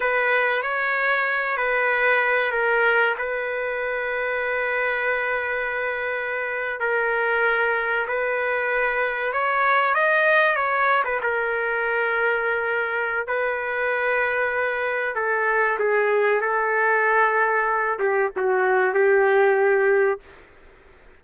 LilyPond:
\new Staff \with { instrumentName = "trumpet" } { \time 4/4 \tempo 4 = 95 b'4 cis''4. b'4. | ais'4 b'2.~ | b'2~ b'8. ais'4~ ais'16~ | ais'8. b'2 cis''4 dis''16~ |
dis''8. cis''8. b'16 ais'2~ ais'16~ | ais'4 b'2. | a'4 gis'4 a'2~ | a'8 g'8 fis'4 g'2 | }